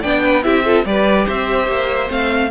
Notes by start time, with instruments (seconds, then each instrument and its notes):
0.00 cello B3, viola D4, violin D5 G5
0.23 violin B4
0.43 cello C4, viola E4, violin G4 E5
0.64 viola F4, violin A4
0.85 cello G3, viola G4, violin B4 D5
1.25 cello C4, violin C5 E5
1.68 cello A#3
2.07 cello A3, viola C4, violin F5